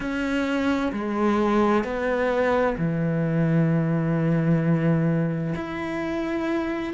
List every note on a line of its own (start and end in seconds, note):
0.00 0.91 C#4
0.92 1.83 G#3
1.83 2.76 B3
2.77 5.54 E3
5.55 6.93 E4